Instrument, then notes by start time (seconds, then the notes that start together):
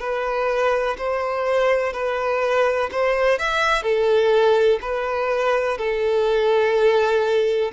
violin
0.00 B4
0.98 C5
1.93 B4
2.91 C5
3.39 E5
3.83 A4
4.82 B4
5.78 A4